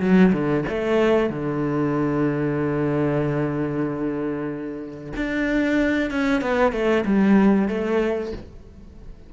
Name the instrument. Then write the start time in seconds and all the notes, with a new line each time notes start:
cello
0.00 F#3
0.32 D3
0.68 A3
1.30 D3
5.16 D4
6.10 C#4
6.41 B3
6.72 A3
7.05 G3
7.68 A3